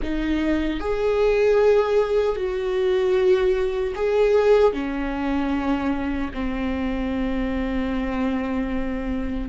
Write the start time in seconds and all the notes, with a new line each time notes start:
0.02 D#4
0.80 G#4
2.35 F#4
3.95 G#4
4.73 C#4
6.33 C4